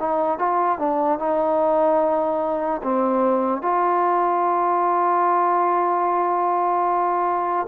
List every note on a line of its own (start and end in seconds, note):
0.00 0.39 D#4
0.39 0.79 F4
0.79 1.19 D4
1.19 2.82 D#4
2.83 3.62 C4
3.62 7.67 F4